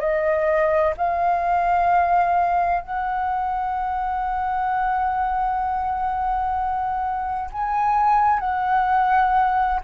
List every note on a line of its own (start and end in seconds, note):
0.00 0.94 D#5
0.97 2.81 F5
2.81 7.50 F#5
7.53 8.40 G#5
8.40 9.81 F#5